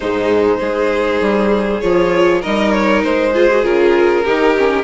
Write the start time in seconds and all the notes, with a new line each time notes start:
0.00 G#2 G#3 D#4 C5
0.58 G#3 D#4 G#4
1.20 G3
1.81 F3 F4 C#5
2.40 G3 D#4 A#4 D#5
2.71 C#5
3.03 G#3 C5
3.34 F4 G#4
3.50 F#4
3.62 C#3 F4 A#4
4.24 D#3 D#4 G4
4.57 C#4